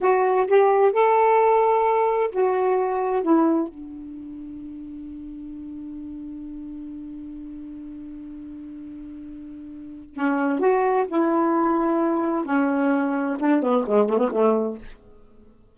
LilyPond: \new Staff \with { instrumentName = "saxophone" } { \time 4/4 \tempo 4 = 130 fis'4 g'4 a'2~ | a'4 fis'2 e'4 | d'1~ | d'1~ |
d'1~ | d'2 cis'4 fis'4 | e'2. cis'4~ | cis'4 d'8 b8 gis8 a16 b16 a4 | }